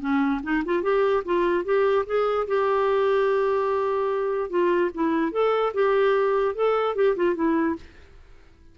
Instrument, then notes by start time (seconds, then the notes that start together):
clarinet
0.00 C#4
0.43 D#4
0.65 F4
0.82 G4
1.25 F4
1.64 G4
2.06 G#4
2.47 G4
4.50 F4
4.94 E4
5.32 A4
5.74 G4
6.55 A4
6.95 G4
7.16 F4
7.35 E4